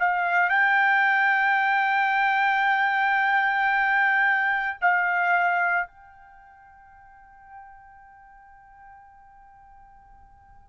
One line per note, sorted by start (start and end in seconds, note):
0.00 0.50 F5
0.50 4.78 G5
4.81 5.88 F5
5.88 10.69 G5